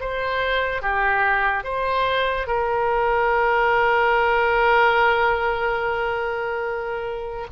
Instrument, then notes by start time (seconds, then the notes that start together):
oboe
0.00 C5
0.81 G4
1.64 C5
2.47 A#4